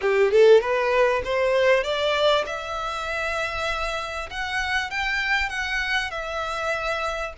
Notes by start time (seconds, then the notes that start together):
0.01 G4
0.31 A4
0.60 B4
1.24 C5
1.83 D5
2.45 E5
4.30 F#5
4.90 G5
5.49 F#5
6.11 E5